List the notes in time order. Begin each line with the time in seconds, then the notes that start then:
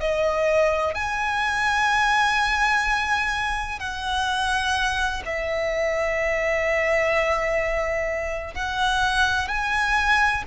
0.00 D#5
0.94 G#5
3.80 F#5
5.25 E5
8.55 F#5
9.48 G#5